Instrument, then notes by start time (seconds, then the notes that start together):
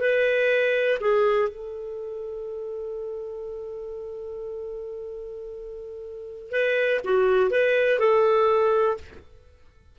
clarinet
0.00 B4
1.01 G#4
1.49 A4
6.51 B4
7.04 F#4
7.51 B4
7.99 A4